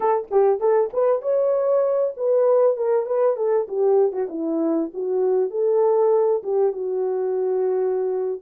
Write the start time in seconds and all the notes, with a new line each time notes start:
0.00 A4
0.31 G4
0.60 A4
0.93 B4
1.22 C#5
2.16 B4
2.76 A#4
3.06 B4
3.36 A4
3.67 G4
4.12 F#4
4.29 E4
4.93 F#4
5.50 A4
6.43 G4
6.72 F#4